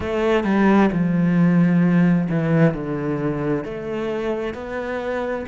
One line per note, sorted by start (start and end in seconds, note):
0.00 0.44 A3
0.44 0.89 G3
0.91 2.28 F3
2.29 2.74 E3
2.74 3.64 D3
3.64 4.54 A3
4.54 5.45 B3